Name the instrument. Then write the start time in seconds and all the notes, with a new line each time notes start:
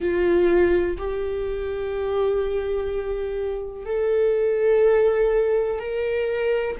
viola
0.00 F4
0.97 G4
3.85 A4
5.79 A#4